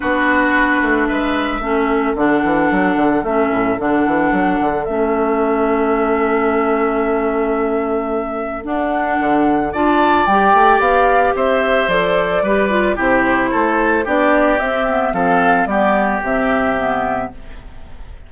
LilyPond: <<
  \new Staff \with { instrumentName = "flute" } { \time 4/4 \tempo 4 = 111 b'2 e''2 | fis''2 e''4 fis''4~ | fis''4 e''2.~ | e''1 |
fis''2 a''4 g''4 | f''4 e''4 d''2 | c''2 d''4 e''4 | f''4 d''4 e''2 | }
  \new Staff \with { instrumentName = "oboe" } { \time 4/4 fis'2 b'4 a'4~ | a'1~ | a'1~ | a'1~ |
a'2 d''2~ | d''4 c''2 b'4 | g'4 a'4 g'2 | a'4 g'2. | }
  \new Staff \with { instrumentName = "clarinet" } { \time 4/4 d'2. cis'4 | d'2 cis'4 d'4~ | d'4 cis'2.~ | cis'1 |
d'2 f'4 g'4~ | g'2 a'4 g'8 f'8 | e'2 d'4 c'8 b8 | c'4 b4 c'4 b4 | }
  \new Staff \with { instrumentName = "bassoon" } { \time 4/4 b4. a8 gis4 a4 | d8 e8 fis8 d8 a8 a,8 d8 e8 | fis8 d8 a2.~ | a1 |
d'4 d4 d'4 g8 a8 | b4 c'4 f4 g4 | c4 a4 b4 c'4 | f4 g4 c2 | }
>>